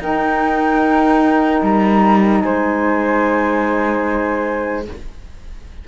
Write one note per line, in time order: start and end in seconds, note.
0.00 1.62 D#4
0.00 4.87 D#4
0.00 2.45 A#4
0.00 1.64 G5
1.63 2.44 G3
1.63 2.43 A#5
2.43 4.88 G#3
2.43 4.88 C5
2.43 4.86 G#5